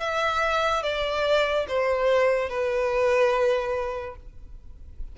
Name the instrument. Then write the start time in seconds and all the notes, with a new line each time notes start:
violin
0.00 E5
0.83 D5
1.68 C5
2.49 B4